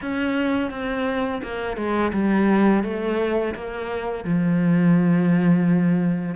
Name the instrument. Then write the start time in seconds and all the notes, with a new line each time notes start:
cello
0.01 C#4
0.71 C4
1.42 A#3
1.76 G#3
2.12 G3
2.83 A3
3.55 A#3
4.24 F3